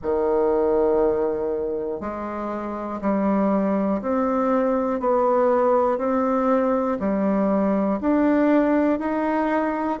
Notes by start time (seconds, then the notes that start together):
0.02 D#3
2.00 G#3
3.01 G3
4.01 C4
5.00 B3
5.98 C4
7.00 G3
8.00 D4
8.99 D#4